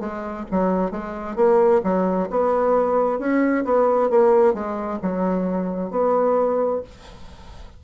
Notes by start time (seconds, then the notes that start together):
0.00 G#3
0.51 F#3
0.91 G#3
1.36 A#3
1.83 F#3
2.31 B3
3.19 C#4
3.64 B3
4.10 A#3
4.54 G#3
5.02 F#3
5.91 B3